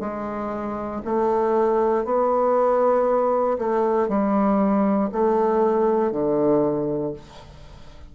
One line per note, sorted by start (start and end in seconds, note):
0.00 1.02 G#3
1.04 2.05 A3
2.05 3.57 B3
3.58 4.09 A3
4.09 5.10 G3
5.12 6.12 A3
6.12 7.13 D3